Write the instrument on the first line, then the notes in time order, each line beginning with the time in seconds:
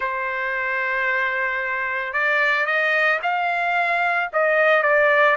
trumpet
0.00 C5
2.13 D5
2.65 D#5
3.22 F5
4.32 D#5
4.82 D5